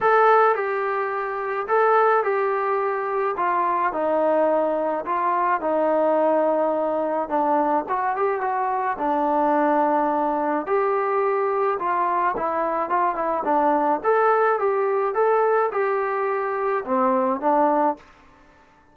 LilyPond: \new Staff \with { instrumentName = "trombone" } { \time 4/4 \tempo 4 = 107 a'4 g'2 a'4 | g'2 f'4 dis'4~ | dis'4 f'4 dis'2~ | dis'4 d'4 fis'8 g'8 fis'4 |
d'2. g'4~ | g'4 f'4 e'4 f'8 e'8 | d'4 a'4 g'4 a'4 | g'2 c'4 d'4 | }